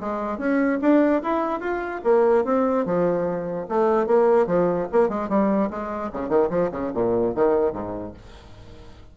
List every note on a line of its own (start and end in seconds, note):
0.00 0.38 G#3
0.38 0.79 C#4
0.81 1.22 D4
1.23 1.60 E4
1.60 2.01 F4
2.04 2.44 A#3
2.45 2.85 C4
2.85 3.67 F3
3.69 4.06 A3
4.06 4.47 A#3
4.47 4.87 F3
4.92 5.09 A#3
5.09 5.29 G#3
5.29 5.70 G3
5.70 6.11 G#3
6.12 6.29 C#3
6.29 6.49 D#3
6.50 6.70 F3
6.71 6.92 C#3
6.94 7.35 A#2
7.35 7.73 D#3
7.73 8.13 G#2